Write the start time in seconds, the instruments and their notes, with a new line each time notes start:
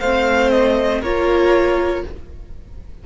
0.00 cello A3, viola C4, violin C5 F5
0.50 violin D#5
1.01 cello A#3, viola F4, violin A#4 C#5